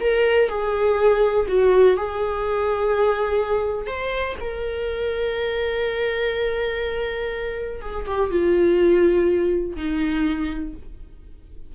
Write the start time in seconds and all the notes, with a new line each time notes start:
0.00 A#4
0.49 G#4
1.48 F#4
1.97 G#4
3.86 C5
4.40 A#4
7.81 G#4
8.06 G4
8.30 F4
9.76 D#4